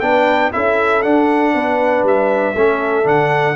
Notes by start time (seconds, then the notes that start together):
0.00 B3 D4 B4 G5
0.52 C#4 E4 A4 E5
1.02 D4 F#5
1.54 B3 B4
2.03 G3 E5
2.54 A3 C#4 A4
3.03 D3 D4 F#5